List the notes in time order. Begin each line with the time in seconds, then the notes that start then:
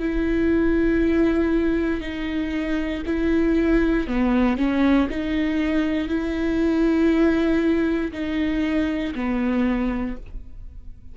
0.00 E4
2.01 D#4
3.06 E4
4.08 B3
4.58 C#4
5.10 D#4
6.08 E4
8.13 D#4
9.15 B3